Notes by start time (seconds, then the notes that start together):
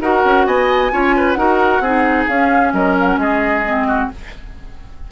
0.00 D#4 F#4 A#4 F#5
0.24 C#4
0.46 B3 D#5 G#5
0.91 C#4 F4 C#5
1.17 B4
1.33 D#4 F#4 A#4 F#5
1.80 C4 D#4 G#4
2.28 C#4 F5
2.73 F#3 A#4 D#5
3.00 F5
3.06 F#5
3.16 G#3 G#4 D#5
3.66 C4
3.87 F#4